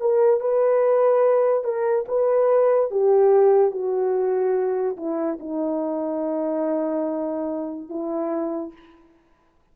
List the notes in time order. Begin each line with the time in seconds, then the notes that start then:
0.00 A#4
0.41 B4
1.64 A#4
2.08 B4
2.91 G4
3.71 F#4
4.97 E4
5.40 D#4
7.89 E4